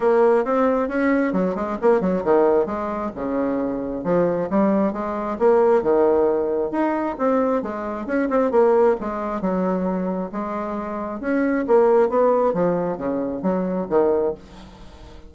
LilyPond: \new Staff \with { instrumentName = "bassoon" } { \time 4/4 \tempo 4 = 134 ais4 c'4 cis'4 fis8 gis8 | ais8 fis8 dis4 gis4 cis4~ | cis4 f4 g4 gis4 | ais4 dis2 dis'4 |
c'4 gis4 cis'8 c'8 ais4 | gis4 fis2 gis4~ | gis4 cis'4 ais4 b4 | f4 cis4 fis4 dis4 | }